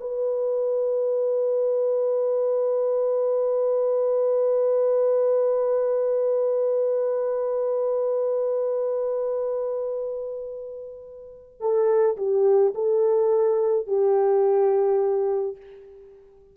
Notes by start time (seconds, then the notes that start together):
0.00 B4
11.60 A4
12.17 G4
12.75 A4
13.87 G4